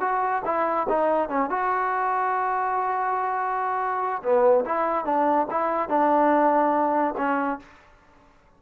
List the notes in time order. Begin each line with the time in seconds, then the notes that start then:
0.00 F#4
0.45 E4
0.88 D#4
1.29 C#4
1.49 F#4
4.22 B3
4.65 E4
5.05 D4
5.50 E4
5.89 D4
7.17 C#4